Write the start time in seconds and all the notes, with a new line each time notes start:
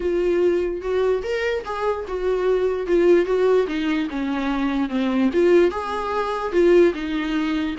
0.00 F4
0.81 F#4
1.23 A#4
1.65 G#4
2.07 F#4
2.86 F4
3.25 F#4
3.67 D#4
4.09 C#4
4.89 C4
5.33 F4
5.71 G#4
6.52 F4
6.94 D#4